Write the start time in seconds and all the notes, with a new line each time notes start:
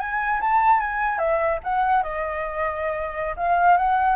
0.00 G#5
0.41 A5
0.81 G#5
1.19 E5
1.64 F#5
2.03 D#5
3.37 F5
3.78 F#5